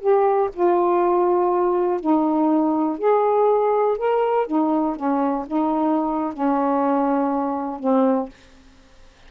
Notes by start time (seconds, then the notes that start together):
0.00 G4
0.54 F4
2.00 D#4
2.98 G#4
3.97 A#4
4.47 D#4
4.96 C#4
5.47 D#4
6.33 C#4
7.79 C4